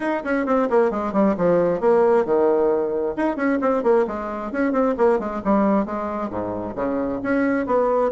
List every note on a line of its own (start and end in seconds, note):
0.00 0.23 D#4
0.24 0.46 C#4
0.46 0.68 C4
0.70 0.90 A#3
0.90 1.13 G#3
1.13 1.35 G3
1.37 1.80 F3
1.80 2.25 A#3
2.25 3.15 D#3
3.16 3.36 D#4
3.36 3.58 C#4
3.61 3.83 C4
3.83 4.05 A#3
4.07 4.52 G#3
4.52 4.72 C#4
4.72 4.95 C4
4.97 5.19 A#3
5.19 5.41 G#3
5.44 5.85 G3
5.85 6.30 G#3
6.30 6.75 G#2
6.75 7.20 C#3
7.22 7.66 C#4
7.66 8.11 B3